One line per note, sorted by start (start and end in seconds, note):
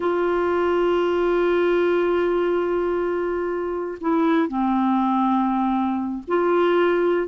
0.00 3.98 F4
4.00 4.47 E4
4.47 6.22 C4
6.27 7.27 F4